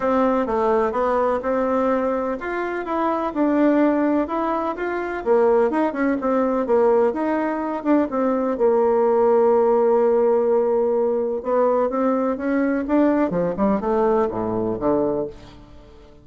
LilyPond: \new Staff \with { instrumentName = "bassoon" } { \time 4/4 \tempo 4 = 126 c'4 a4 b4 c'4~ | c'4 f'4 e'4 d'4~ | d'4 e'4 f'4 ais4 | dis'8 cis'8 c'4 ais4 dis'4~ |
dis'8 d'8 c'4 ais2~ | ais1 | b4 c'4 cis'4 d'4 | f8 g8 a4 a,4 d4 | }